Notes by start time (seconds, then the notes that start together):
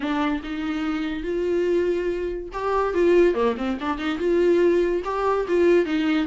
0.00 D4
0.43 D#4
1.23 F4
2.52 G4
2.94 F4
3.34 A#3
3.57 C4
3.80 D4
3.98 D#4
4.18 F4
5.04 G4
5.48 F4
5.85 D#4